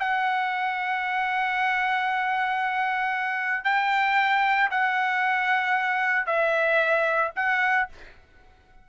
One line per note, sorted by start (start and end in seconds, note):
0.00 3.65 F#5
3.65 4.70 G5
4.71 6.27 F#5
6.27 7.32 E5
7.36 7.89 F#5